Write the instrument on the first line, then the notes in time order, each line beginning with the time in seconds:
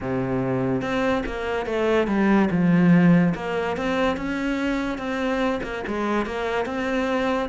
cello
0.00 C3
0.81 C4
1.26 A#3
1.66 A3
2.07 G3
2.50 F3
3.34 A#3
3.77 C4
4.16 C#4
4.98 C4
5.62 A#3
5.87 G#3
6.26 A#3
6.65 C4